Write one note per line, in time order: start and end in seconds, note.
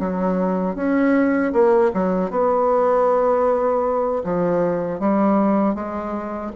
0.00 0.76 F#3
0.76 1.53 C#4
1.53 1.92 A#3
1.94 2.31 F#3
2.31 4.23 B3
4.24 5.00 F3
5.00 5.75 G3
5.75 6.52 G#3